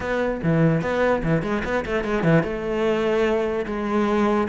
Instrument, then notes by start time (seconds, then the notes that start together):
cello
0.00 B3
0.43 E3
0.81 B3
1.23 E3
1.42 G#3
1.64 B3
1.85 A3
2.04 G#3
2.23 E3
2.43 A3
3.66 G#3